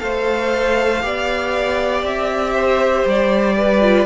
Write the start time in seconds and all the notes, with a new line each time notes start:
0.00 A3 A4 C5 F5
1.02 B3 G4 D5
2.04 C4 E5
2.54 C5
3.06 G3 D5
3.58 B4
3.82 F4